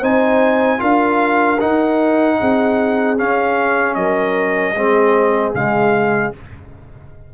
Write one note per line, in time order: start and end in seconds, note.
0.00 0.81 C4
0.00 0.78 D#4
0.00 0.79 C5
0.00 0.81 G#5
0.78 1.61 D4
0.78 1.57 F4
0.78 2.39 A#4
0.78 1.60 F5
1.60 3.17 D#4
1.60 2.41 D#4
1.60 3.18 F#5
2.40 3.19 C4
2.40 3.98 G#4
3.17 4.75 C#4
3.17 3.96 C#4
3.17 3.95 F5
3.95 4.74 F#3
3.95 4.75 A#4
3.95 5.53 D#5
4.74 5.53 G#3
4.74 5.55 C4
4.74 6.33 G#4
5.54 6.33 C#3
5.54 6.34 G#3
5.54 6.34 F5